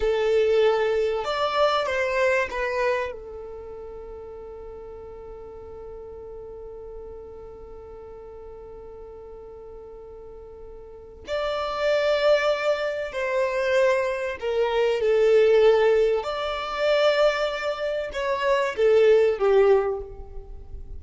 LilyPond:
\new Staff \with { instrumentName = "violin" } { \time 4/4 \tempo 4 = 96 a'2 d''4 c''4 | b'4 a'2.~ | a'1~ | a'1~ |
a'2 d''2~ | d''4 c''2 ais'4 | a'2 d''2~ | d''4 cis''4 a'4 g'4 | }